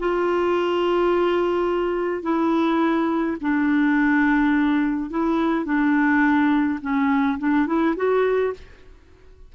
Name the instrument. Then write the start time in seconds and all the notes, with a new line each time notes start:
clarinet
0.00 F4
2.23 E4
3.41 D4
5.11 E4
5.65 D4
6.82 C#4
7.39 D4
7.67 E4
7.97 F#4